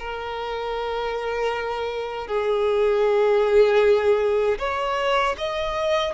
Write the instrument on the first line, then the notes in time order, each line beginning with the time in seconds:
violin
0.00 A#4
2.28 G#4
4.59 C#5
5.38 D#5